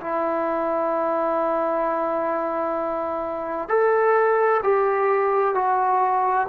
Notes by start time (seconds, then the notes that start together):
0.00 E4
3.68 A4
4.62 G4
5.54 F#4